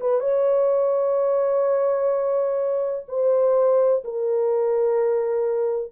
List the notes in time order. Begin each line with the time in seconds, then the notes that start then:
0.00 B4
0.20 C#5
3.08 C5
4.04 A#4